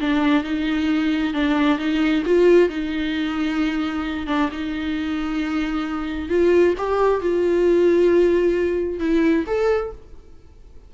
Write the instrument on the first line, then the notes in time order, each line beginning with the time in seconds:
viola
0.00 D4
0.43 D#4
1.33 D4
1.78 D#4
2.25 F4
2.69 D#4
4.27 D4
4.51 D#4
6.29 F4
6.77 G4
7.21 F4
8.99 E4
9.47 A4